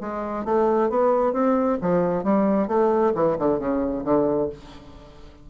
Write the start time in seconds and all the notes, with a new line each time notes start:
0.00 G#3
0.44 A3
0.89 B3
1.33 C4
1.81 F3
2.23 G3
2.67 A3
3.14 E3
3.38 D3
3.58 C#3
4.04 D3